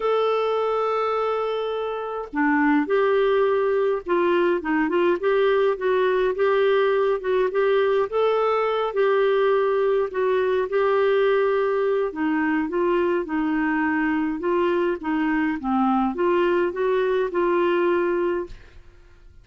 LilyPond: \new Staff \with { instrumentName = "clarinet" } { \time 4/4 \tempo 4 = 104 a'1 | d'4 g'2 f'4 | dis'8 f'8 g'4 fis'4 g'4~ | g'8 fis'8 g'4 a'4. g'8~ |
g'4. fis'4 g'4.~ | g'4 dis'4 f'4 dis'4~ | dis'4 f'4 dis'4 c'4 | f'4 fis'4 f'2 | }